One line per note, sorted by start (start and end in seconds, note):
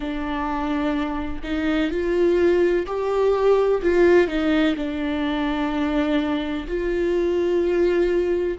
0.00 1.42 D4
1.43 1.90 D#4
1.90 2.86 F4
2.86 3.81 G4
3.82 4.27 F4
4.27 4.75 D#4
4.76 6.67 D4
6.67 8.58 F4